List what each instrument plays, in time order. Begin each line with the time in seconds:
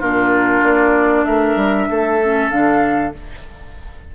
0.00 bassoon A#2, clarinet D4, oboe F4, flute A#4
0.63 bassoon A#3, flute D5
1.25 bassoon A3, oboe A#4, flute E5
1.56 bassoon G3
1.90 bassoon A3, oboe A4
2.24 clarinet C#4
2.50 bassoon D3, clarinet D4, flute F5